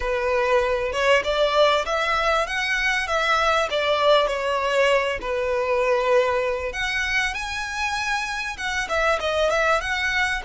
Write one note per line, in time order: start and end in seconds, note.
0.00 0.92 B4
0.92 1.22 C#5
1.24 1.85 D5
1.85 2.47 E5
2.47 3.07 F#5
3.07 3.68 E5
3.70 4.27 D5
4.27 5.18 C#5
5.21 6.72 B4
6.72 7.34 F#5
7.34 8.56 G#5
8.57 8.87 F#5
8.88 9.19 E5
9.20 9.50 D#5
9.50 9.80 E5
9.80 10.42 F#5